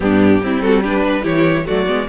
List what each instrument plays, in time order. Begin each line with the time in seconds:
0.00 cello G2, viola B3, violin D4 G4
0.40 cello G3, viola C4, violin E4
0.61 violin F#4 A4
0.82 viola D4, violin G4 B4
1.05 violin B4
1.22 cello E3, viola E4, violin G4 C#5
1.65 cello F#3, viola A3, violin F#4 D5
1.86 cello G#3, viola B3